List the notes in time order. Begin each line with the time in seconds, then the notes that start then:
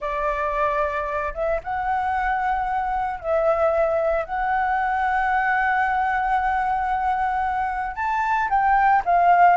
0.00 D5
1.34 E5
1.63 F#5
3.20 E5
4.25 F#5
7.95 A5
8.49 G5
9.05 F5